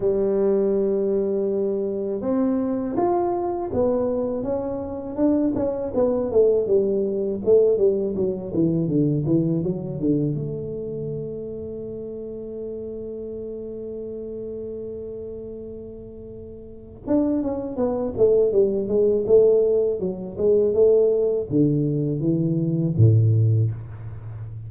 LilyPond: \new Staff \with { instrumentName = "tuba" } { \time 4/4 \tempo 4 = 81 g2. c'4 | f'4 b4 cis'4 d'8 cis'8 | b8 a8 g4 a8 g8 fis8 e8 | d8 e8 fis8 d8 a2~ |
a1~ | a2. d'8 cis'8 | b8 a8 g8 gis8 a4 fis8 gis8 | a4 d4 e4 a,4 | }